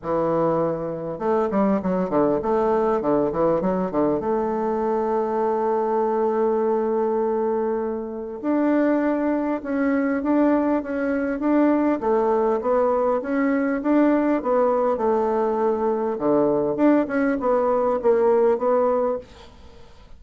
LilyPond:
\new Staff \with { instrumentName = "bassoon" } { \time 4/4 \tempo 4 = 100 e2 a8 g8 fis8 d8 | a4 d8 e8 fis8 d8 a4~ | a1~ | a2 d'2 |
cis'4 d'4 cis'4 d'4 | a4 b4 cis'4 d'4 | b4 a2 d4 | d'8 cis'8 b4 ais4 b4 | }